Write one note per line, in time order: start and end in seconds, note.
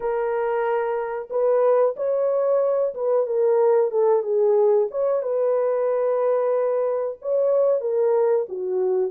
0.00 1.29 A#4
1.30 1.95 B4
1.96 2.94 C#5
2.94 3.26 B4
3.26 3.90 A#4
3.90 4.22 A4
4.22 4.88 G#4
4.91 5.22 C#5
5.22 7.18 B4
7.21 7.81 C#5
7.81 8.46 A#4
8.48 9.11 F#4